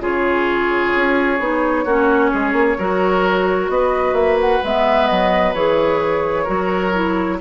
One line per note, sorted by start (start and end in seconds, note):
0.00 0.92 C#3
0.00 1.39 F4
0.00 1.85 G#4
0.00 3.70 C#5
0.96 1.40 C#4
1.40 1.86 B3
1.40 1.86 D#4
1.85 2.32 A#3
1.85 2.79 C#4
1.85 2.31 F#4
2.31 2.53 G#3
2.31 2.77 G#4
2.53 2.76 A#3
2.78 3.69 F#3
2.78 4.63 F#4
2.78 3.71 A#4
3.69 4.13 B3
3.69 6.44 B4
3.69 4.15 D#5
4.13 4.59 A#3
4.13 4.38 E5
4.41 4.64 F#5
4.64 5.10 G#3
4.64 5.56 B3
4.64 5.07 E5
5.07 5.54 F#3
5.07 5.53 D#5
5.54 6.46 E3
5.54 6.46 G#4
5.54 7.39 C#5
6.44 7.41 F#3
6.44 6.92 F#4
6.44 7.36 A#4
6.94 7.40 E4